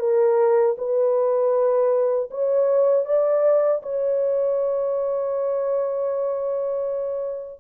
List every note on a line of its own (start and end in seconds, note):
0.00 0.76 A#4
0.78 2.30 B4
2.31 3.06 C#5
3.06 3.82 D5
3.83 7.61 C#5